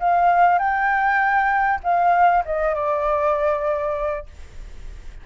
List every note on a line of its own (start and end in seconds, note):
0.00 0.59 F5
0.59 1.80 G5
1.83 2.44 F5
2.45 2.75 D#5
2.75 4.26 D5